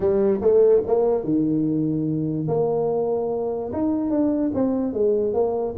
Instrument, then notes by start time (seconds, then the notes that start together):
tuba
0.00 G3
0.41 A3
0.86 A#3
1.24 D#3
2.48 A#3
3.72 D#4
4.10 D4
4.54 C4
4.93 G#3
5.33 A#3